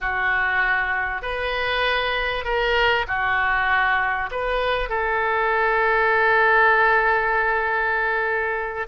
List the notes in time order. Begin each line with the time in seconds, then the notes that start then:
0.00 F#4
1.22 B4
2.44 A#4
3.07 F#4
4.31 B4
4.89 A4